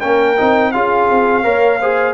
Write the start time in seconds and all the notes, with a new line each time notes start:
0.00 A#3 C#4 A#4 G5
0.38 C4 D#4
0.72 C#4 F4 G#4 F5
1.11 C4
1.44 A#3 A#4 C#5
1.80 G#4 C5